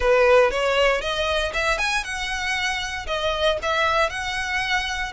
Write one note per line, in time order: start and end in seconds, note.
0.00 0.51 B4
0.51 1.01 C#5
1.01 1.52 D#5
1.53 1.78 E5
1.78 2.03 G#5
2.03 3.06 F#5
3.07 3.58 D#5
3.62 4.09 E5
4.09 5.12 F#5